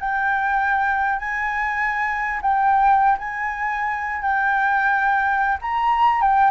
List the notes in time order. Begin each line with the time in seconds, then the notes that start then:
0.00 G5
1.19 G#5
2.42 G5
3.18 G#5
4.22 G5
5.61 A#5
6.22 G5